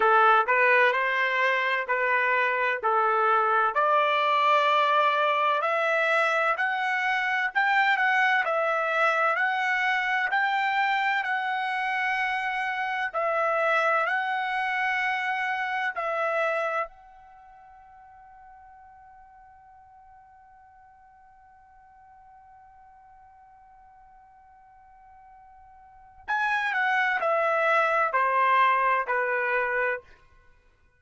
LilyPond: \new Staff \with { instrumentName = "trumpet" } { \time 4/4 \tempo 4 = 64 a'8 b'8 c''4 b'4 a'4 | d''2 e''4 fis''4 | g''8 fis''8 e''4 fis''4 g''4 | fis''2 e''4 fis''4~ |
fis''4 e''4 fis''2~ | fis''1~ | fis''1 | gis''8 fis''8 e''4 c''4 b'4 | }